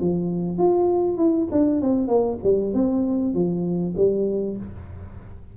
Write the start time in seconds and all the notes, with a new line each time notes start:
0.00 F3
0.58 F4
1.17 E4
1.51 D4
1.81 C4
2.07 A#3
2.43 G3
2.74 C4
3.34 F3
3.96 G3